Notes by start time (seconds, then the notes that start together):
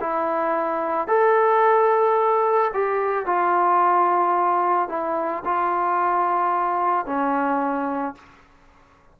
0.00 E4
1.07 A4
2.73 G4
3.26 F4
4.89 E4
5.44 F4
7.05 C#4